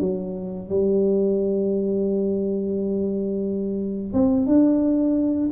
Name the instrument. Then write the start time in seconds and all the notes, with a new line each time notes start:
tuba
0.00 F#3
0.69 G3
4.13 C4
4.46 D4